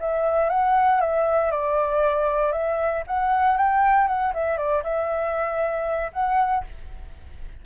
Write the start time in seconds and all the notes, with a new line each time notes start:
0.00 E5
0.50 F#5
1.01 E5
1.51 D5
2.52 E5
3.07 F#5
3.58 G5
4.07 F#5
4.34 E5
4.58 D5
4.83 E5
6.13 F#5